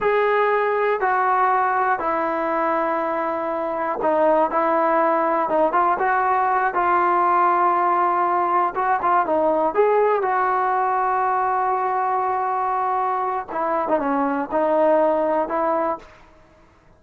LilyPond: \new Staff \with { instrumentName = "trombone" } { \time 4/4 \tempo 4 = 120 gis'2 fis'2 | e'1 | dis'4 e'2 dis'8 f'8 | fis'4. f'2~ f'8~ |
f'4. fis'8 f'8 dis'4 gis'8~ | gis'8 fis'2.~ fis'8~ | fis'2. e'8. dis'16 | cis'4 dis'2 e'4 | }